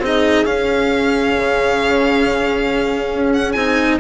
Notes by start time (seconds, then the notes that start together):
0.00 C4 D#4 G#4 D#5
0.46 C#4 F5
1.38 C#3
3.12 C#4
3.33 F#5
3.52 C4 D#4 G#5